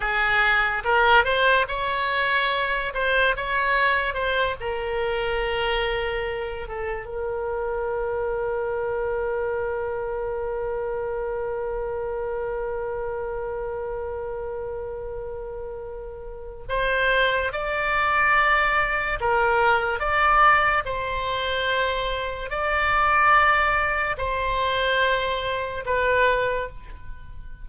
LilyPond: \new Staff \with { instrumentName = "oboe" } { \time 4/4 \tempo 4 = 72 gis'4 ais'8 c''8 cis''4. c''8 | cis''4 c''8 ais'2~ ais'8 | a'8 ais'2.~ ais'8~ | ais'1~ |
ais'1 | c''4 d''2 ais'4 | d''4 c''2 d''4~ | d''4 c''2 b'4 | }